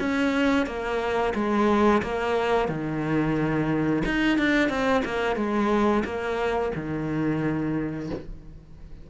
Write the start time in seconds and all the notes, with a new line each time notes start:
0.00 C#4
0.66 A#3
1.35 G#3
2.03 A#3
2.69 D#3
4.05 D#4
4.39 D4
4.69 C4
5.05 A#3
5.37 G#3
6.05 A#3
6.76 D#3